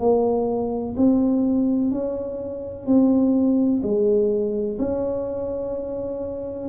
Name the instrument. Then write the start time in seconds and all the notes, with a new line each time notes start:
tuba
0.00 A#3
0.97 C4
1.91 C#4
2.87 C4
3.83 G#3
4.79 C#4